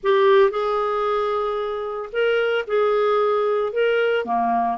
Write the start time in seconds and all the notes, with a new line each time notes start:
0.03 G4
0.50 G#4
2.12 A#4
2.67 G#4
3.73 A#4
4.25 A#3